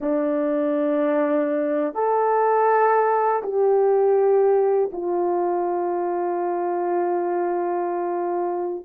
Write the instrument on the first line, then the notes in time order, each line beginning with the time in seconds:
horn
0.00 D4
1.94 A4
3.42 G4
4.92 F4